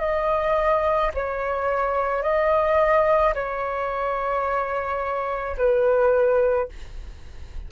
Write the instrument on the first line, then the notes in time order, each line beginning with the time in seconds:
flute
0.00 D#5
1.15 C#5
2.23 D#5
3.34 C#5
5.58 B4